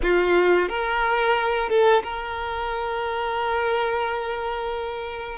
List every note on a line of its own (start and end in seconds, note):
0.02 0.68 F4
0.68 1.69 A#4
1.69 2.03 A4
2.03 5.38 A#4